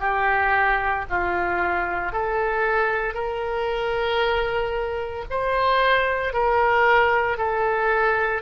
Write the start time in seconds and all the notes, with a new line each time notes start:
0.00 G4
1.10 F4
2.12 A4
3.14 A#4
5.30 C5
6.33 A#4
7.38 A4